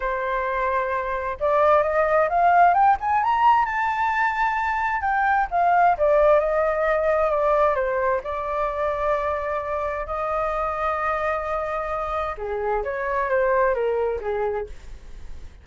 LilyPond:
\new Staff \with { instrumentName = "flute" } { \time 4/4 \tempo 4 = 131 c''2. d''4 | dis''4 f''4 g''8 gis''8 ais''4 | a''2. g''4 | f''4 d''4 dis''2 |
d''4 c''4 d''2~ | d''2 dis''2~ | dis''2. gis'4 | cis''4 c''4 ais'4 gis'4 | }